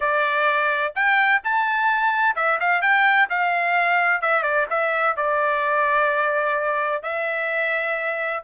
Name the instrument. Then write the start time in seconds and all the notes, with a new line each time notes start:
trumpet
0.00 D5
0.95 G5
1.44 A5
2.35 E5
2.60 F5
2.81 G5
3.29 F5
4.21 E5
4.43 D5
4.70 E5
5.16 D5
7.02 E5